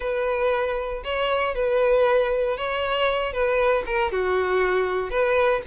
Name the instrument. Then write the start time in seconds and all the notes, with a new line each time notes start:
violin
0.00 B4
1.04 C#5
1.55 B4
2.57 C#5
3.32 B4
3.86 A#4
4.11 F#4
5.10 B4